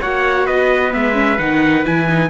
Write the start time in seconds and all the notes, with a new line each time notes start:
0.00 A#3 F#4 C#5 F#5
0.46 B3 B4 D#5
0.91 G#3 B3 E5
1.13 C#4
1.39 D#3 D#4 F#5
1.85 E3 E4 G#5
2.09 D#4